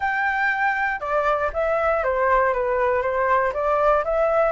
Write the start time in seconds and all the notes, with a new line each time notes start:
0.00 G5
1.00 D5
1.53 E5
2.03 C5
2.53 B4
3.02 C5
3.53 D5
4.04 E5